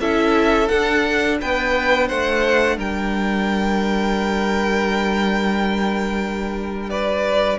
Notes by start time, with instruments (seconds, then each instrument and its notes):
0.00 cello C#4, viola E4, violin A4 E5
0.68 viola D4, cello D4, violin F#5
1.41 cello B3, violin B4 G5
2.08 cello A3, violin C5 F#5
2.77 cello G3, violin A#4 G5
6.90 violin B4 D5